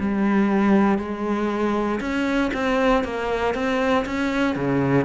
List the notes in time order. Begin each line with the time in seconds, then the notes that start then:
0.00 G3
0.99 G#3
2.01 C#4
2.54 C4
3.05 A#3
3.55 C4
4.06 C#4
4.56 C#3